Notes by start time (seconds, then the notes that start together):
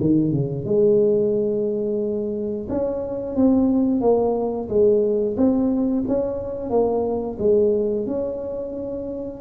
0.00 D#3
0.31 C#3
0.65 G#3
2.69 C#4
3.35 C4
4.01 A#3
4.69 G#3
5.37 C4
6.08 C#4
6.70 A#3
7.39 G#3
8.06 C#4